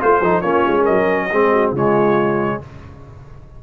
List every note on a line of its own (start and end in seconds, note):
0.00 0.21 A3
0.00 0.22 F4
0.00 0.19 F4
0.00 0.41 C5
0.19 0.43 F3
0.19 0.43 D#4
0.19 0.41 A4
0.41 0.65 A#3
0.41 1.29 C#4
0.41 0.82 F4
0.41 0.84 C#5
0.67 0.88 G#3
0.82 1.25 A#4
0.82 1.71 D#5
0.89 1.32 F#3
1.31 1.72 G#3
1.31 1.76 C4
1.31 1.52 G#4
1.52 1.71 F#4
1.71 2.58 C#3
1.71 2.62 G#3
1.71 2.57 F4
1.71 2.63 C#5